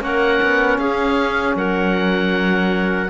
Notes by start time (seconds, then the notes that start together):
0.00 A#3 C#4 A#4 F#5
0.42 B3
0.78 C#4 G#4 F5
1.55 F#3 A#4 F#5